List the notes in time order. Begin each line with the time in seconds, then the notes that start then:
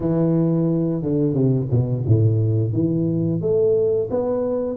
0.00 E3
1.02 D3
1.33 C3
1.70 B2
2.06 A2
2.72 E3
3.41 A3
4.10 B3